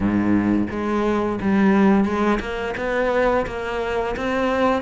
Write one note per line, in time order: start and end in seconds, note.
0.00 0.67 G#2
0.70 1.39 G#3
1.41 2.04 G3
2.04 2.39 G#3
2.39 2.74 A#3
2.77 3.46 B3
3.46 4.15 A#3
4.16 4.82 C4